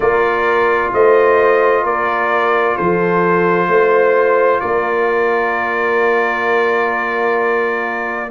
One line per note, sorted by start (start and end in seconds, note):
0.00 0.91 A#3
0.00 8.28 F4
0.00 0.92 A#4
0.00 0.92 D5
0.93 1.83 A3
0.93 1.82 C5
0.93 1.85 D#5
1.82 2.76 A#3
1.82 2.75 A#4
1.82 2.76 D5
2.76 3.67 F3
2.76 3.68 A4
2.76 4.60 C5
3.67 4.59 A3
3.67 4.61 C5
4.60 8.31 A#3
4.60 8.30 A#4
4.60 8.29 D5